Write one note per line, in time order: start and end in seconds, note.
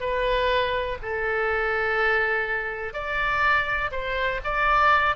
0.00 0.98 B4
1.02 2.93 A4
2.93 3.90 D5
3.91 4.40 C5
4.44 5.16 D5